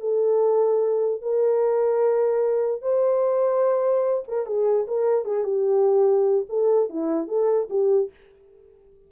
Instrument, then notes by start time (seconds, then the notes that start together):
horn
0.00 A4
1.21 A#4
2.81 C5
4.27 A#4
4.46 G#4
4.87 A#4
5.25 G#4
5.44 G4
6.49 A4
6.89 E4
7.27 A4
7.69 G4